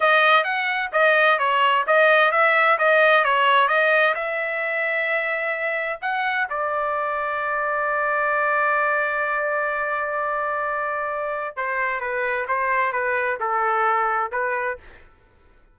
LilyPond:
\new Staff \with { instrumentName = "trumpet" } { \time 4/4 \tempo 4 = 130 dis''4 fis''4 dis''4 cis''4 | dis''4 e''4 dis''4 cis''4 | dis''4 e''2.~ | e''4 fis''4 d''2~ |
d''1~ | d''1~ | d''4 c''4 b'4 c''4 | b'4 a'2 b'4 | }